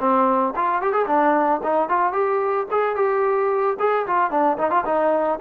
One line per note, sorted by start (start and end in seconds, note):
0.00 0.54 C4
0.56 0.82 F4
0.82 0.93 G4
0.93 1.06 G#4
1.07 1.61 D4
1.64 1.89 D#4
1.89 2.13 F4
2.13 2.67 G4
2.71 2.96 G#4
2.96 3.77 G4
3.80 4.07 G#4
4.07 4.31 F4
4.31 4.58 D4
4.58 4.71 D#4
4.71 4.85 F4
4.86 5.40 D#4